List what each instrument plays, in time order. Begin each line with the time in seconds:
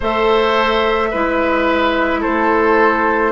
0.00 bassoon A3, clarinet A4, oboe C5, flute E5
1.10 bassoon G#3, clarinet E4, oboe B4
2.20 bassoon A3, oboe A4, flute C5